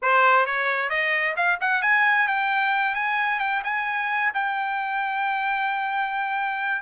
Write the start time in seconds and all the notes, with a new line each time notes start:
0.02 C5
0.45 C#5
0.89 D#5
1.36 F5
1.60 F#5
1.82 G#5
2.27 G5
2.94 G#5
3.39 G5
3.64 G#5
4.34 G5